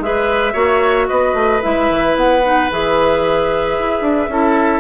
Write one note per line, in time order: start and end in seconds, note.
0.00 0.54 G#3
0.00 0.53 G#4
0.00 0.53 B4
0.00 1.08 E5
0.53 1.08 A#3
0.53 1.60 F#4
0.53 1.07 C#5
1.08 1.34 B3
1.08 4.30 B4
1.08 1.61 D#5
1.34 1.61 A3
1.62 1.90 G#3
1.62 2.43 E4
1.62 2.16 E5
1.90 2.16 E3
2.16 2.69 B3
2.16 2.71 F#5
2.44 2.71 D#4
2.71 3.79 E3
2.71 4.31 G#4
2.71 4.80 E5
3.79 4.01 E4
4.01 4.28 D4
4.29 4.80 C#4
4.29 4.80 E4
4.29 4.80 A4